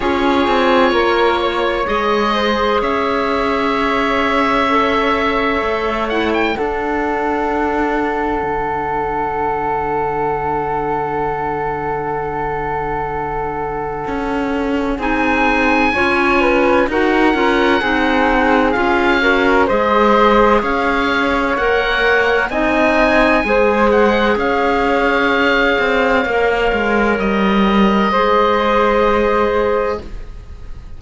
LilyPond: <<
  \new Staff \with { instrumentName = "oboe" } { \time 4/4 \tempo 4 = 64 cis''2 dis''4 e''4~ | e''2~ e''8 fis''16 g''16 fis''4~ | fis''1~ | fis''1 |
gis''2 fis''2 | f''4 dis''4 f''4 fis''4 | gis''4. fis''8 f''2~ | f''4 dis''2. | }
  \new Staff \with { instrumentName = "flute" } { \time 4/4 gis'4 ais'8 cis''4 c''8 cis''4~ | cis''2. a'4~ | a'1~ | a'1 |
gis'4 cis''8 b'8 ais'4 gis'4~ | gis'8 ais'8 c''4 cis''2 | dis''4 c''4 cis''2~ | cis''2 c''2 | }
  \new Staff \with { instrumentName = "clarinet" } { \time 4/4 f'2 gis'2~ | gis'4 a'4. e'8 d'4~ | d'1~ | d'1 |
dis'4 f'4 fis'8 f'8 dis'4 | f'8 fis'8 gis'2 ais'4 | dis'4 gis'2. | ais'2 gis'2 | }
  \new Staff \with { instrumentName = "cello" } { \time 4/4 cis'8 c'8 ais4 gis4 cis'4~ | cis'2 a4 d'4~ | d'4 d2.~ | d2. cis'4 |
c'4 cis'4 dis'8 cis'8 c'4 | cis'4 gis4 cis'4 ais4 | c'4 gis4 cis'4. c'8 | ais8 gis8 g4 gis2 | }
>>